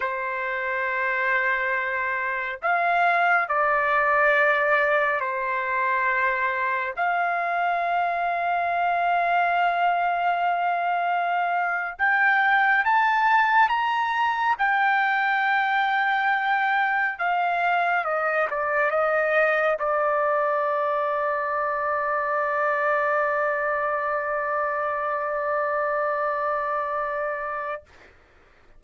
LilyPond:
\new Staff \with { instrumentName = "trumpet" } { \time 4/4 \tempo 4 = 69 c''2. f''4 | d''2 c''2 | f''1~ | f''4.~ f''16 g''4 a''4 ais''16~ |
ais''8. g''2. f''16~ | f''8. dis''8 d''8 dis''4 d''4~ d''16~ | d''1~ | d''1 | }